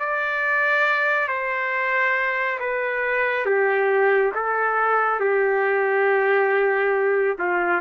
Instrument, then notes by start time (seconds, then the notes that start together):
trumpet
0.00 D5
1.28 C5
2.60 B4
3.46 G4
4.35 A4
5.20 G4
7.39 F4